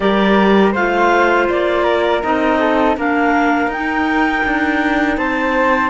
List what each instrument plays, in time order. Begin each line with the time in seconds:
0.00 cello G3, clarinet G4 D5, flute A#4
0.72 cello A3, clarinet F4 F5, flute C5
1.49 cello A#3, clarinet D5
1.83 flute A#4
2.22 cello C4, clarinet D#4 D#5
2.59 flute A4
2.96 cello A#3, clarinet D4 F5, flute A#4
3.67 cello D#4, clarinet D#4 G5
4.45 cello D4
5.17 cello C4, flute C5, clarinet A5